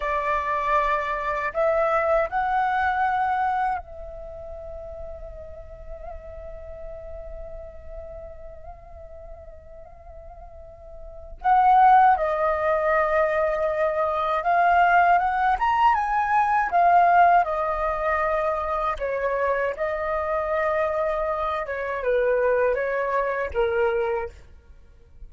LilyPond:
\new Staff \with { instrumentName = "flute" } { \time 4/4 \tempo 4 = 79 d''2 e''4 fis''4~ | fis''4 e''2.~ | e''1~ | e''2. fis''4 |
dis''2. f''4 | fis''8 ais''8 gis''4 f''4 dis''4~ | dis''4 cis''4 dis''2~ | dis''8 cis''8 b'4 cis''4 ais'4 | }